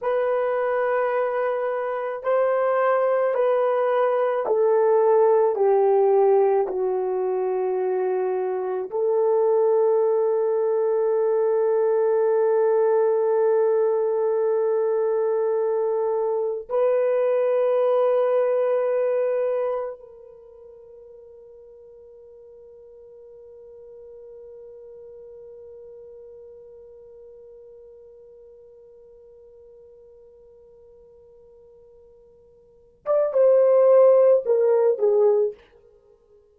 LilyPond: \new Staff \with { instrumentName = "horn" } { \time 4/4 \tempo 4 = 54 b'2 c''4 b'4 | a'4 g'4 fis'2 | a'1~ | a'2. b'4~ |
b'2 ais'2~ | ais'1~ | ais'1~ | ais'4.~ ais'16 d''16 c''4 ais'8 gis'8 | }